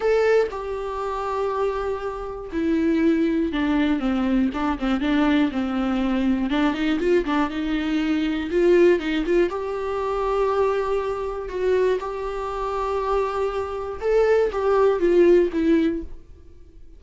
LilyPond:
\new Staff \with { instrumentName = "viola" } { \time 4/4 \tempo 4 = 120 a'4 g'2.~ | g'4 e'2 d'4 | c'4 d'8 c'8 d'4 c'4~ | c'4 d'8 dis'8 f'8 d'8 dis'4~ |
dis'4 f'4 dis'8 f'8 g'4~ | g'2. fis'4 | g'1 | a'4 g'4 f'4 e'4 | }